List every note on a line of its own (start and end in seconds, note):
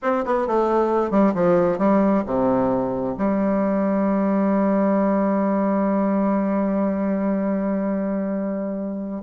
0.02 0.25 C4
0.25 0.47 B3
0.47 1.11 A3
1.11 1.33 G3
1.34 1.78 F3
1.78 2.23 G3
2.26 3.16 C3
3.17 9.22 G3